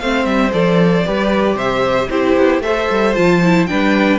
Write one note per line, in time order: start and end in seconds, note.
0.00 0.25 A3
0.00 0.52 C4
0.00 1.07 C5
0.00 0.26 F5
0.25 0.52 G3
0.25 0.52 E5
0.52 1.06 F3
0.52 1.05 A4
0.52 1.58 D5
1.05 1.56 G3
1.05 2.11 G4
1.05 1.57 B4
1.56 2.08 C3
1.56 2.09 C5
1.56 2.10 E5
2.10 2.37 C4
2.10 2.63 E4
2.10 2.64 G4
2.10 2.62 C5
2.38 2.60 B3
2.60 2.87 A3
2.60 3.15 A4
2.60 3.69 C5
2.60 3.15 E5
2.91 3.17 G3
3.15 3.71 F3
3.15 3.41 F4
3.15 3.67 A5
3.44 3.69 E4
3.67 4.19 G3
3.67 4.19 D4
3.67 4.19 B4
3.67 4.19 G5